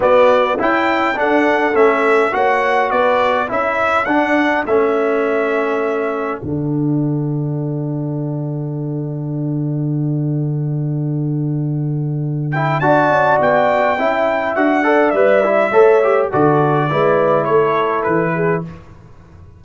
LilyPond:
<<
  \new Staff \with { instrumentName = "trumpet" } { \time 4/4 \tempo 4 = 103 d''4 g''4 fis''4 e''4 | fis''4 d''4 e''4 fis''4 | e''2. fis''4~ | fis''1~ |
fis''1~ | fis''4. g''8 a''4 g''4~ | g''4 fis''4 e''2 | d''2 cis''4 b'4 | }
  \new Staff \with { instrumentName = "horn" } { \time 4/4 fis'4 e'4 a'2 | cis''4 b'4 a'2~ | a'1~ | a'1~ |
a'1~ | a'2 d''2 | e''4. d''4. cis''4 | a'4 b'4 a'4. gis'8 | }
  \new Staff \with { instrumentName = "trombone" } { \time 4/4 b4 e'4 d'4 cis'4 | fis'2 e'4 d'4 | cis'2. d'4~ | d'1~ |
d'1~ | d'4. e'8 fis'2 | e'4 fis'8 a'8 b'8 e'8 a'8 g'8 | fis'4 e'2. | }
  \new Staff \with { instrumentName = "tuba" } { \time 4/4 b4 cis'4 d'4 a4 | ais4 b4 cis'4 d'4 | a2. d4~ | d1~ |
d1~ | d2 d'8 cis'8 b4 | cis'4 d'4 g4 a4 | d4 gis4 a4 e4 | }
>>